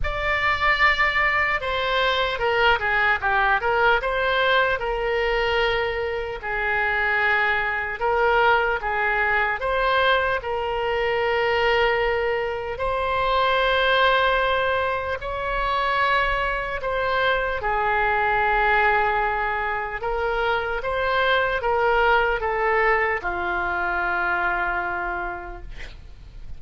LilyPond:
\new Staff \with { instrumentName = "oboe" } { \time 4/4 \tempo 4 = 75 d''2 c''4 ais'8 gis'8 | g'8 ais'8 c''4 ais'2 | gis'2 ais'4 gis'4 | c''4 ais'2. |
c''2. cis''4~ | cis''4 c''4 gis'2~ | gis'4 ais'4 c''4 ais'4 | a'4 f'2. | }